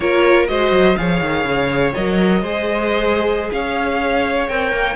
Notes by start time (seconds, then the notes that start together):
0.00 A#3 F4 A#4 C#5
0.47 G#3 F#4 C5 D#5
0.71 F#3
0.96 F3 G#4 C#5 F5
1.21 D#3
1.44 C#3
1.94 F#3 A#4 D#5
2.41 G#3 G#4 C5
3.52 C#4 C#5 F5
4.48 C4 A#4 G5
4.71 A#3